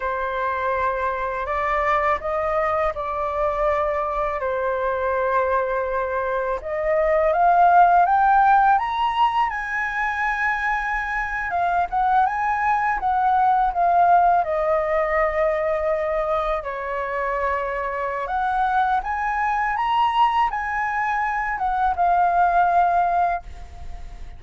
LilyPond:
\new Staff \with { instrumentName = "flute" } { \time 4/4 \tempo 4 = 82 c''2 d''4 dis''4 | d''2 c''2~ | c''4 dis''4 f''4 g''4 | ais''4 gis''2~ gis''8. f''16~ |
f''16 fis''8 gis''4 fis''4 f''4 dis''16~ | dis''2~ dis''8. cis''4~ cis''16~ | cis''4 fis''4 gis''4 ais''4 | gis''4. fis''8 f''2 | }